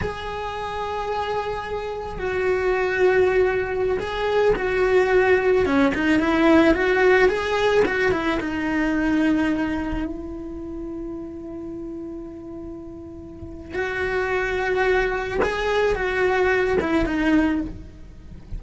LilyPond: \new Staff \with { instrumentName = "cello" } { \time 4/4 \tempo 4 = 109 gis'1 | fis'2.~ fis'16 gis'8.~ | gis'16 fis'2 cis'8 dis'8 e'8.~ | e'16 fis'4 gis'4 fis'8 e'8 dis'8.~ |
dis'2~ dis'16 e'4.~ e'16~ | e'1~ | e'4 fis'2. | gis'4 fis'4. e'8 dis'4 | }